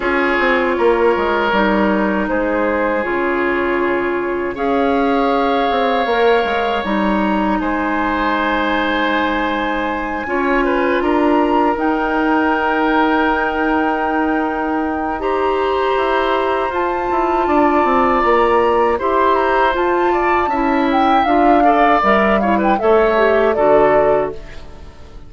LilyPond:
<<
  \new Staff \with { instrumentName = "flute" } { \time 4/4 \tempo 4 = 79 cis''2. c''4 | cis''2 f''2~ | f''4 ais''4 gis''2~ | gis''2~ gis''8 ais''4 g''8~ |
g''1 | ais''2 a''2 | ais''4 c'''8 ais''8 a''4. g''8 | f''4 e''8 f''16 g''16 e''4 d''4 | }
  \new Staff \with { instrumentName = "oboe" } { \time 4/4 gis'4 ais'2 gis'4~ | gis'2 cis''2~ | cis''2 c''2~ | c''4. cis''8 b'8 ais'4.~ |
ais'1 | c''2. d''4~ | d''4 c''4. d''8 e''4~ | e''8 d''4 cis''16 b'16 cis''4 a'4 | }
  \new Staff \with { instrumentName = "clarinet" } { \time 4/4 f'2 dis'2 | f'2 gis'2 | ais'4 dis'2.~ | dis'4. f'2 dis'8~ |
dis'1 | g'2 f'2~ | f'4 g'4 f'4 e'4 | f'8 a'8 ais'8 e'8 a'8 g'8 fis'4 | }
  \new Staff \with { instrumentName = "bassoon" } { \time 4/4 cis'8 c'8 ais8 gis8 g4 gis4 | cis2 cis'4. c'8 | ais8 gis8 g4 gis2~ | gis4. cis'4 d'4 dis'8~ |
dis'1~ | dis'4 e'4 f'8 e'8 d'8 c'8 | ais4 e'4 f'4 cis'4 | d'4 g4 a4 d4 | }
>>